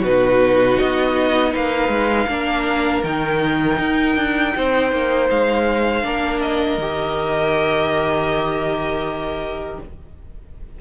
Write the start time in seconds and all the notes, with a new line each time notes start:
0.00 B2 D#4 F#4 B4
0.79 B3 D#5
1.52 A#3 B4 F5
1.88 G#3
2.27 A#3 D4 A#4
3.03 D#3 D#4 G5
3.78 D#4
4.16 D4
4.56 C4 C5
4.92 A#3
5.29 G#3 F5
6.03 A#3 D4 A#4
6.41 D#5
6.77 D#3 G4